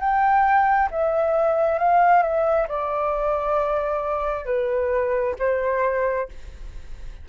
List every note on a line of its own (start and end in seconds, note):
0.00 0.90 G5
0.91 1.79 E5
1.79 2.23 F5
2.23 2.67 E5
2.68 4.46 D5
4.46 5.35 B4
5.39 6.29 C5